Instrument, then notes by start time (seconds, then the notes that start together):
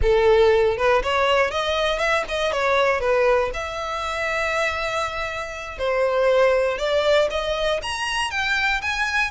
violin
0.02 A4
0.77 B4
1.02 C#5
1.50 D#5
1.98 E5
2.28 D#5
2.52 C#5
3.00 B4
3.53 E5
5.78 C5
6.78 D5
7.30 D#5
7.82 A#5
8.30 G5
8.81 G#5